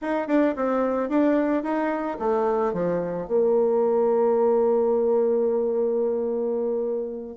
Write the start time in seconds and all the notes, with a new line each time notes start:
0.01 D#4
0.27 D4
0.56 C4
1.09 D4
1.63 D#4
2.19 A3
2.73 F3
3.27 A#3